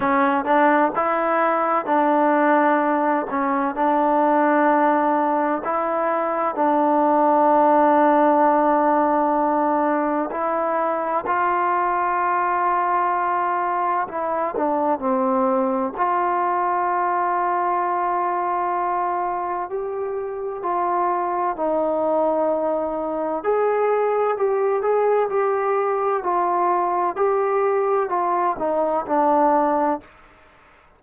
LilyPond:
\new Staff \with { instrumentName = "trombone" } { \time 4/4 \tempo 4 = 64 cis'8 d'8 e'4 d'4. cis'8 | d'2 e'4 d'4~ | d'2. e'4 | f'2. e'8 d'8 |
c'4 f'2.~ | f'4 g'4 f'4 dis'4~ | dis'4 gis'4 g'8 gis'8 g'4 | f'4 g'4 f'8 dis'8 d'4 | }